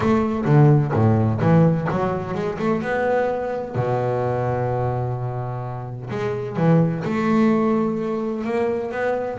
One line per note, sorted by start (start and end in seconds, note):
0.00 0.45 A3
0.45 0.92 D3
0.93 1.40 A2
1.41 1.87 E3
1.90 2.34 F#3
2.34 2.58 G#3
2.58 2.82 A3
2.82 3.75 B3
3.75 6.09 B2
6.09 6.56 G#3
6.56 7.03 E3
7.04 8.44 A3
8.44 8.91 A#3
8.91 9.38 B3